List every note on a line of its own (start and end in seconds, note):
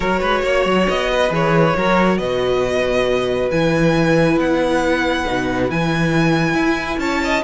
0.00 0.21 F#3
0.00 1.29 F#4
0.00 0.20 A#4
0.00 0.88 C#5
0.20 0.43 G#3
0.20 0.41 B4
0.43 0.65 A#3
0.43 1.10 C#5
0.65 0.87 F#3
0.88 1.30 B3
0.88 1.31 D#5
1.11 1.76 B4
1.29 1.74 E3
1.29 1.73 G#4
1.29 2.18 C#5
1.76 2.18 F#3
1.76 3.52 F#4
1.76 2.18 A#4
2.18 3.49 B2
2.18 7.00 B4
2.18 3.49 D#5
3.51 4.36 E3
3.51 5.26 E4
3.51 4.39 G#5
4.36 5.24 B3
4.36 5.70 F#5
5.26 5.69 B2
5.26 5.69 D#4
5.69 6.54 E3
5.69 7.44 E4
5.69 6.99 G#5
6.54 6.98 E4
6.98 7.42 C#4
6.98 7.22 C#5
6.98 7.43 A5
7.24 7.44 D#5